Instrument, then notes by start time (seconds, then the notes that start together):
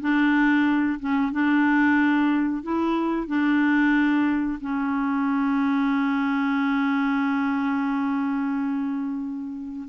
clarinet
0.00 D4
0.99 C#4
1.32 D4
2.62 E4
3.27 D4
4.60 C#4